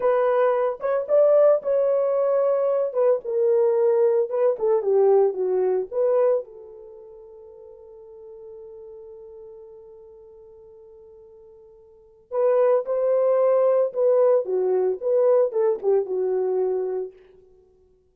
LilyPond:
\new Staff \with { instrumentName = "horn" } { \time 4/4 \tempo 4 = 112 b'4. cis''8 d''4 cis''4~ | cis''4. b'8 ais'2 | b'8 a'8 g'4 fis'4 b'4 | a'1~ |
a'1~ | a'2. b'4 | c''2 b'4 fis'4 | b'4 a'8 g'8 fis'2 | }